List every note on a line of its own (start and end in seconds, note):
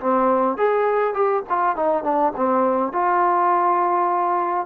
0.00 0.57 C4
0.57 1.14 G#4
1.14 1.43 G4
1.49 1.76 F4
1.76 2.03 D#4
2.03 2.32 D4
2.36 2.92 C4
2.92 4.66 F4